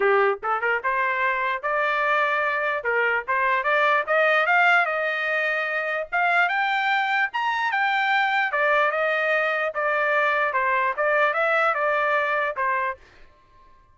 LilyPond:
\new Staff \with { instrumentName = "trumpet" } { \time 4/4 \tempo 4 = 148 g'4 a'8 ais'8 c''2 | d''2. ais'4 | c''4 d''4 dis''4 f''4 | dis''2. f''4 |
g''2 ais''4 g''4~ | g''4 d''4 dis''2 | d''2 c''4 d''4 | e''4 d''2 c''4 | }